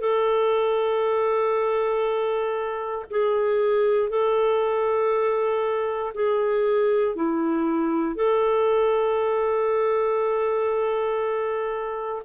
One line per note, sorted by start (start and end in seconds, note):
0.00 3.05 A4
3.10 4.09 G#4
4.09 6.12 A4
6.14 7.15 G#4
7.15 8.15 E4
8.15 12.22 A4